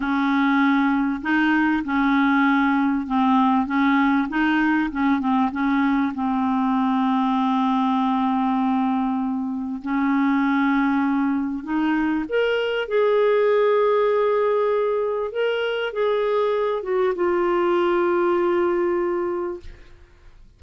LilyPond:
\new Staff \with { instrumentName = "clarinet" } { \time 4/4 \tempo 4 = 98 cis'2 dis'4 cis'4~ | cis'4 c'4 cis'4 dis'4 | cis'8 c'8 cis'4 c'2~ | c'1 |
cis'2. dis'4 | ais'4 gis'2.~ | gis'4 ais'4 gis'4. fis'8 | f'1 | }